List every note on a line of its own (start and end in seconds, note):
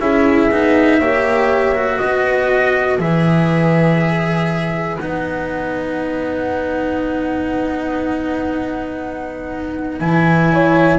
0.00 0.50 C#4
0.00 0.51 E4
0.00 1.00 G#4
0.00 1.98 E5
0.52 1.00 B3
0.52 1.01 D#4
1.00 2.00 A#3
1.00 1.75 G4
1.00 1.99 C#5
1.75 2.99 F#4
1.98 2.99 B3
1.98 10.49 B4
1.98 2.98 D#5
2.99 4.99 E3
2.99 4.99 G#4
2.99 4.99 E5
4.99 10.00 B3
4.99 10.00 D#4
4.99 9.99 F#5
10.00 10.99 E3
10.00 10.99 E4
10.00 10.99 G#5
10.53 10.99 C#5